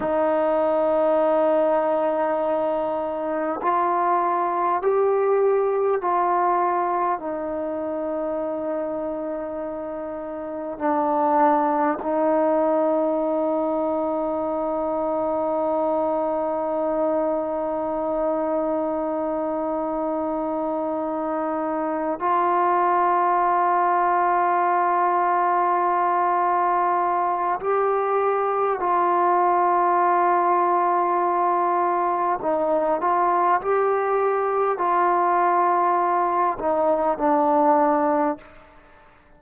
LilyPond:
\new Staff \with { instrumentName = "trombone" } { \time 4/4 \tempo 4 = 50 dis'2. f'4 | g'4 f'4 dis'2~ | dis'4 d'4 dis'2~ | dis'1~ |
dis'2~ dis'8 f'4.~ | f'2. g'4 | f'2. dis'8 f'8 | g'4 f'4. dis'8 d'4 | }